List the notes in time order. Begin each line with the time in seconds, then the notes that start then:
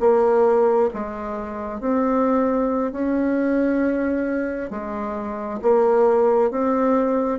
0.00 A#3
0.94 G#3
1.80 C4
2.92 C#4
4.71 G#3
5.62 A#3
6.51 C4